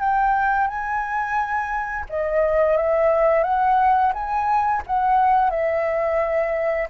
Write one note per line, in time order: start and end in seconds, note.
0.00 0.67 G5
0.67 2.05 G#5
2.10 2.77 D#5
2.77 3.44 E5
3.44 4.13 F#5
4.14 4.83 G#5
4.87 5.50 F#5
5.50 6.88 E5